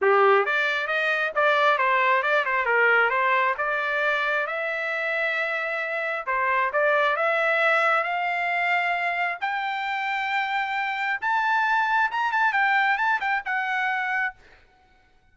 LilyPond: \new Staff \with { instrumentName = "trumpet" } { \time 4/4 \tempo 4 = 134 g'4 d''4 dis''4 d''4 | c''4 d''8 c''8 ais'4 c''4 | d''2 e''2~ | e''2 c''4 d''4 |
e''2 f''2~ | f''4 g''2.~ | g''4 a''2 ais''8 a''8 | g''4 a''8 g''8 fis''2 | }